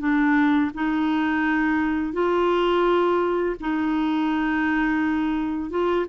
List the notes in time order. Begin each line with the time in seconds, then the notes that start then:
0.00 D4
0.75 D#4
2.14 F4
3.61 D#4
5.71 F4